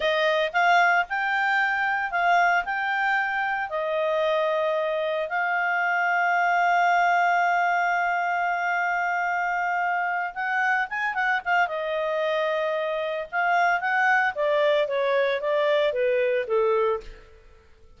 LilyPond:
\new Staff \with { instrumentName = "clarinet" } { \time 4/4 \tempo 4 = 113 dis''4 f''4 g''2 | f''4 g''2 dis''4~ | dis''2 f''2~ | f''1~ |
f''2.~ f''8 fis''8~ | fis''8 gis''8 fis''8 f''8 dis''2~ | dis''4 f''4 fis''4 d''4 | cis''4 d''4 b'4 a'4 | }